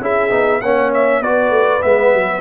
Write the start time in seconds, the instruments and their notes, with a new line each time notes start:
0.00 tuba C#4, trombone E4, horn G#4, trumpet E5
0.30 tuba B3, trombone D#4
0.60 tuba A#3, trombone C#4, horn C#5, trumpet F#5
0.93 trumpet E5
1.20 tuba B3, trombone F#4, horn B4, trumpet D5
1.49 tuba A3
1.81 tuba G#3, trombone B3, trumpet E5
2.13 tuba F#3